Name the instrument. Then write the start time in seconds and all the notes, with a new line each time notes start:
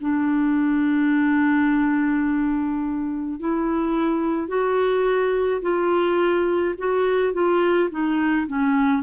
clarinet
0.00 D4
3.39 E4
4.48 F#4
5.61 F4
6.78 F#4
7.33 F4
7.90 D#4
8.46 C#4